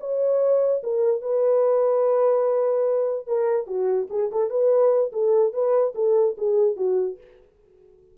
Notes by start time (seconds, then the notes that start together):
0.00 C#5
0.83 A#4
1.22 B4
3.27 A#4
3.67 F#4
4.10 G#4
4.31 A4
4.50 B4
5.12 A4
5.53 B4
5.95 A4
6.38 G#4
6.76 F#4